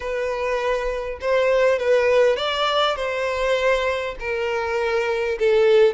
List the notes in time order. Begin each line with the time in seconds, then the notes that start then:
0.00 B4
1.20 C5
1.78 B4
2.36 D5
2.96 C5
4.19 A#4
5.39 A4